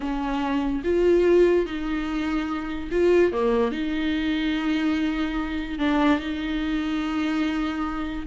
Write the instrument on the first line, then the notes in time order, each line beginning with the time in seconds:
viola
0.00 C#4
0.84 F4
1.66 D#4
2.91 F4
3.32 A#3
3.71 D#4
5.78 D4
6.19 D#4